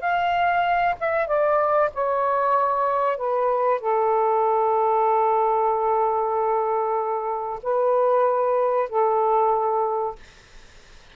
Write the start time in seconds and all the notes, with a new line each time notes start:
0.00 F5
1.00 E5
1.27 D5
1.94 C#5
3.17 B4
3.80 A4
7.62 B4
8.89 A4